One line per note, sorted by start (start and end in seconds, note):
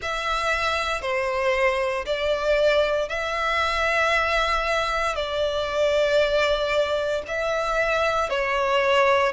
0.02 1.01 E5
1.01 2.05 C5
2.05 3.08 D5
3.08 5.15 E5
5.15 7.22 D5
7.27 8.29 E5
8.29 9.32 C#5